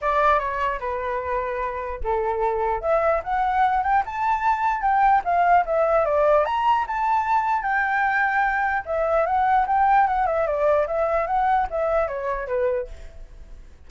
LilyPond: \new Staff \with { instrumentName = "flute" } { \time 4/4 \tempo 4 = 149 d''4 cis''4 b'2~ | b'4 a'2 e''4 | fis''4. g''8 a''2 | g''4 f''4 e''4 d''4 |
ais''4 a''2 g''4~ | g''2 e''4 fis''4 | g''4 fis''8 e''8 d''4 e''4 | fis''4 e''4 cis''4 b'4 | }